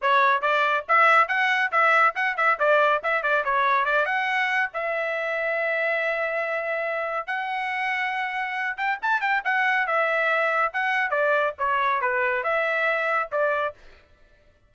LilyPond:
\new Staff \with { instrumentName = "trumpet" } { \time 4/4 \tempo 4 = 140 cis''4 d''4 e''4 fis''4 | e''4 fis''8 e''8 d''4 e''8 d''8 | cis''4 d''8 fis''4. e''4~ | e''1~ |
e''4 fis''2.~ | fis''8 g''8 a''8 g''8 fis''4 e''4~ | e''4 fis''4 d''4 cis''4 | b'4 e''2 d''4 | }